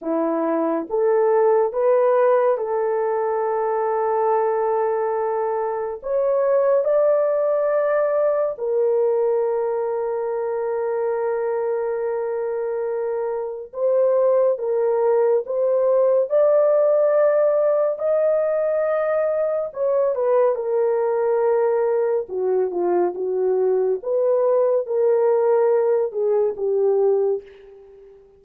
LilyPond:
\new Staff \with { instrumentName = "horn" } { \time 4/4 \tempo 4 = 70 e'4 a'4 b'4 a'4~ | a'2. cis''4 | d''2 ais'2~ | ais'1 |
c''4 ais'4 c''4 d''4~ | d''4 dis''2 cis''8 b'8 | ais'2 fis'8 f'8 fis'4 | b'4 ais'4. gis'8 g'4 | }